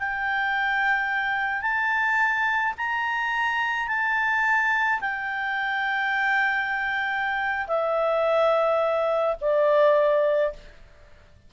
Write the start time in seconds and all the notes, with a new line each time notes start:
0.00 G5
1.62 A5
2.78 A#5
3.88 A5
5.01 G5
7.68 E5
9.41 D5